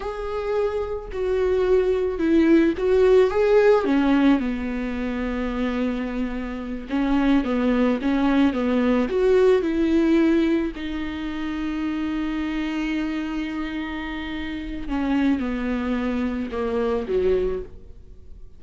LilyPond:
\new Staff \with { instrumentName = "viola" } { \time 4/4 \tempo 4 = 109 gis'2 fis'2 | e'4 fis'4 gis'4 cis'4 | b1~ | b8 cis'4 b4 cis'4 b8~ |
b8 fis'4 e'2 dis'8~ | dis'1~ | dis'2. cis'4 | b2 ais4 fis4 | }